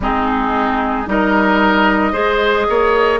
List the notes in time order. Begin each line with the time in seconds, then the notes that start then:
0.00 G#3 C4 D#4 G#4
1.06 G3 D#4 A#4 D#5
2.12 G#3 G#4 C5
2.69 A#3 C#5